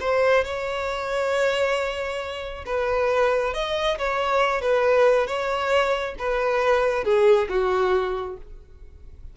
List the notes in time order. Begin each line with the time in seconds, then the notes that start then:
0.00 C5
0.44 C#5
2.65 B4
3.53 D#5
3.98 C#5
4.61 B4
5.27 C#5
6.18 B4
7.04 G#4
7.49 F#4